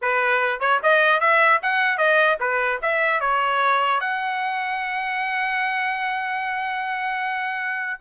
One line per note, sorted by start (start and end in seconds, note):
0.01 0.60 B4
0.60 0.80 C#5
0.82 1.20 D#5
1.20 1.60 E5
1.62 1.97 F#5
1.97 2.37 D#5
2.39 2.79 B4
2.81 3.20 E5
3.20 4.00 C#5
4.00 8.00 F#5